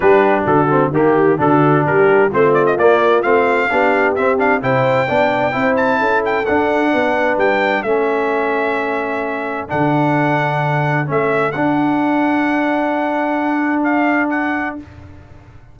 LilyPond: <<
  \new Staff \with { instrumentName = "trumpet" } { \time 4/4 \tempo 4 = 130 b'4 a'4 g'4 a'4 | ais'4 c''8 d''16 dis''16 d''4 f''4~ | f''4 e''8 f''8 g''2~ | g''8 a''4 g''8 fis''2 |
g''4 e''2.~ | e''4 fis''2. | e''4 fis''2.~ | fis''2 f''4 fis''4 | }
  \new Staff \with { instrumentName = "horn" } { \time 4/4 g'4 fis'4 g'4 fis'4 | g'4 f'2. | g'2 c''4 d''4 | c''4 a'2 b'4~ |
b'4 a'2.~ | a'1~ | a'1~ | a'1 | }
  \new Staff \with { instrumentName = "trombone" } { \time 4/4 d'4. c'8 ais4 d'4~ | d'4 c'4 ais4 c'4 | d'4 c'8 d'8 e'4 d'4 | e'2 d'2~ |
d'4 cis'2.~ | cis'4 d'2. | cis'4 d'2.~ | d'1 | }
  \new Staff \with { instrumentName = "tuba" } { \time 4/4 g4 d4 dis4 d4 | g4 a4 ais4 a4 | b4 c'4 c4 b4 | c'4 cis'4 d'4 b4 |
g4 a2.~ | a4 d2. | a4 d'2.~ | d'1 | }
>>